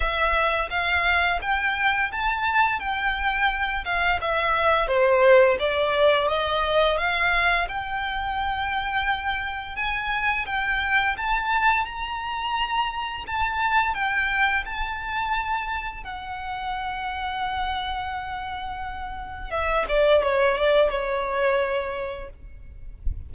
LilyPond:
\new Staff \with { instrumentName = "violin" } { \time 4/4 \tempo 4 = 86 e''4 f''4 g''4 a''4 | g''4. f''8 e''4 c''4 | d''4 dis''4 f''4 g''4~ | g''2 gis''4 g''4 |
a''4 ais''2 a''4 | g''4 a''2 fis''4~ | fis''1 | e''8 d''8 cis''8 d''8 cis''2 | }